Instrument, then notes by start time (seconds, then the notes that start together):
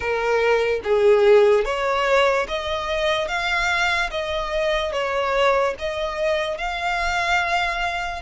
violin
0.00 A#4
0.83 G#4
1.64 C#5
2.48 D#5
3.28 F5
4.10 D#5
4.92 C#5
5.78 D#5
6.57 F5